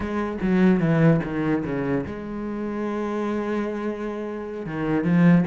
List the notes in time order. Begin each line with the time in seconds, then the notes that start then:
0.00 G#3
0.41 F#3
0.80 E3
1.23 D#3
1.64 C#3
2.06 G#3
4.65 D#3
5.04 F3